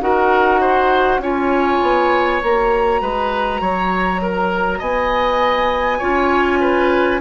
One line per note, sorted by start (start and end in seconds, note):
0.00 1.18 D#4
0.00 1.21 F#4
0.00 0.60 A#4
0.00 1.21 F#5
0.60 1.20 C5
1.18 1.78 C#4
1.18 2.42 F4
1.18 3.01 C#5
1.18 2.42 G#5
1.81 2.41 B3
2.42 3.01 A#3
2.42 6.00 F#4
2.42 4.81 A#5
3.01 3.60 G#3
3.01 3.60 B4
3.60 4.80 F#3
3.60 4.21 C#5
4.21 4.78 A#4
4.78 6.00 B3
4.78 5.98 D#5
4.78 7.21 G#5
5.98 7.21 C#4
5.98 7.20 F4
5.98 6.58 C#5
6.60 7.20 B4